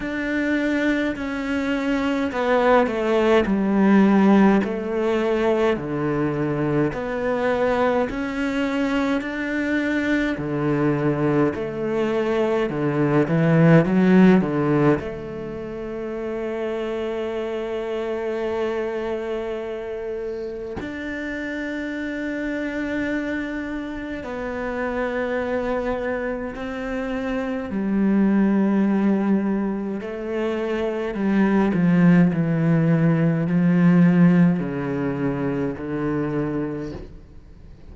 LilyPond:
\new Staff \with { instrumentName = "cello" } { \time 4/4 \tempo 4 = 52 d'4 cis'4 b8 a8 g4 | a4 d4 b4 cis'4 | d'4 d4 a4 d8 e8 | fis8 d8 a2.~ |
a2 d'2~ | d'4 b2 c'4 | g2 a4 g8 f8 | e4 f4 cis4 d4 | }